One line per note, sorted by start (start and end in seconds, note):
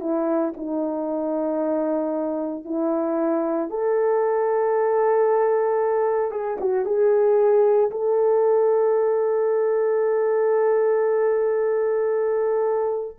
0.00 0.53 E4
0.56 2.65 D#4
2.65 3.69 E4
3.69 6.31 A4
6.31 6.57 G#4
6.60 6.85 F#4
6.85 7.90 G#4
7.90 13.17 A4